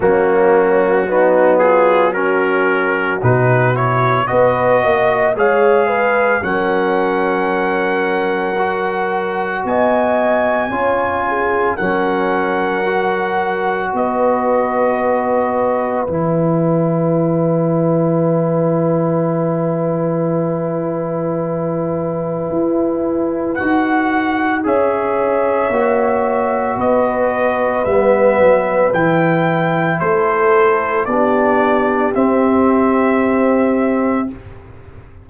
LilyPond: <<
  \new Staff \with { instrumentName = "trumpet" } { \time 4/4 \tempo 4 = 56 fis'4. gis'8 ais'4 b'8 cis''8 | dis''4 f''4 fis''2~ | fis''4 gis''2 fis''4~ | fis''4 dis''2 gis''4~ |
gis''1~ | gis''2 fis''4 e''4~ | e''4 dis''4 e''4 g''4 | c''4 d''4 e''2 | }
  \new Staff \with { instrumentName = "horn" } { \time 4/4 cis'4 dis'8 f'8 fis'2 | b'8 dis''8 cis''8 b'8 ais'2~ | ais'4 dis''4 cis''8 gis'8 ais'4~ | ais'4 b'2.~ |
b'1~ | b'2. cis''4~ | cis''4 b'2. | a'4 g'2. | }
  \new Staff \with { instrumentName = "trombone" } { \time 4/4 ais4 b4 cis'4 dis'8 e'8 | fis'4 gis'4 cis'2 | fis'2 f'4 cis'4 | fis'2. e'4~ |
e'1~ | e'2 fis'4 gis'4 | fis'2 b4 e'4~ | e'4 d'4 c'2 | }
  \new Staff \with { instrumentName = "tuba" } { \time 4/4 fis2. b,4 | b8 ais8 gis4 fis2~ | fis4 b4 cis'4 fis4~ | fis4 b2 e4~ |
e1~ | e4 e'4 dis'4 cis'4 | ais4 b4 g8 fis8 e4 | a4 b4 c'2 | }
>>